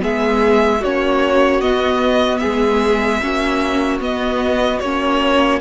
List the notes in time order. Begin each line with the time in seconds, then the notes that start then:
0.00 G#3 B3 G#4 E5
0.81 A#3 C#4 F#4 C#5
1.62 B3 D#5
2.39 G#4 E5
2.45 G#3
3.22 A#3 C#4 F#4
4.00 B3 D#5
4.80 A#3 C#4 C#5